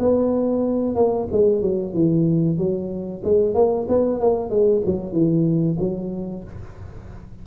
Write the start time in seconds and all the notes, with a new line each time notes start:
0.00 B3
0.96 A#3
1.32 G#3
1.62 F#3
1.94 E3
2.58 F#3
3.25 G#3
3.55 A#3
3.89 B3
4.21 A#3
4.50 G#3
4.86 F#3
5.13 E3
5.80 F#3